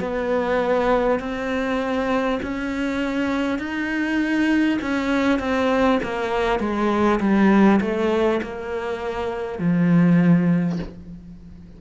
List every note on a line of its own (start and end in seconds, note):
0.00 1.19 B3
1.19 2.39 C4
2.42 3.58 C#4
3.58 4.78 D#4
4.81 5.39 C#4
5.39 5.99 C4
6.03 6.59 A#3
6.59 7.19 G#3
7.19 7.79 G3
7.81 8.41 A3
8.42 9.58 A#3
9.58 10.78 F3